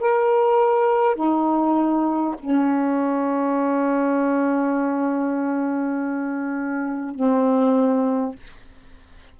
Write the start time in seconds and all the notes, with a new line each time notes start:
0.00 A#4
1.15 D#4
2.39 C#4
7.15 C4